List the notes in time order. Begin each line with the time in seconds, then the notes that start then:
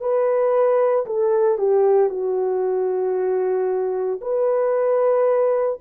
0.00 B4
1.06 A4
1.58 G4
2.09 F#4
4.21 B4